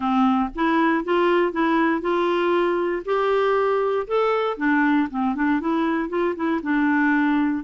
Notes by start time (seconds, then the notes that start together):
0.00 C4
0.55 E4
1.04 F4
1.52 E4
2.01 F4
3.05 G4
4.07 A4
4.57 D4
5.09 C4
5.35 D4
5.60 E4
6.09 F4
6.35 E4
6.62 D4